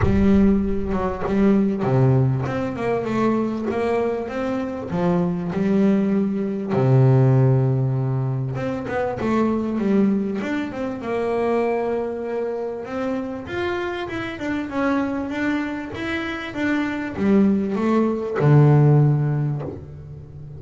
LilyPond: \new Staff \with { instrumentName = "double bass" } { \time 4/4 \tempo 4 = 98 g4. fis8 g4 c4 | c'8 ais8 a4 ais4 c'4 | f4 g2 c4~ | c2 c'8 b8 a4 |
g4 d'8 c'8 ais2~ | ais4 c'4 f'4 e'8 d'8 | cis'4 d'4 e'4 d'4 | g4 a4 d2 | }